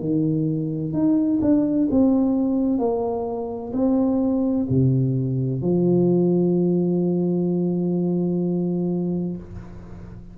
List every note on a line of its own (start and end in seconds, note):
0.00 0.93 D#3
0.93 1.40 D#4
1.41 1.88 D4
1.90 2.79 C4
2.79 3.72 A#3
3.73 4.67 C4
4.70 5.62 C3
5.62 9.37 F3